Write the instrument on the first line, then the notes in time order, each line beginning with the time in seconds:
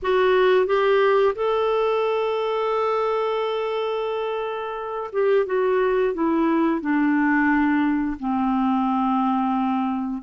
clarinet
0.02 F#4
0.66 G4
1.35 A4
5.12 G4
5.45 F#4
6.14 E4
6.80 D4
8.19 C4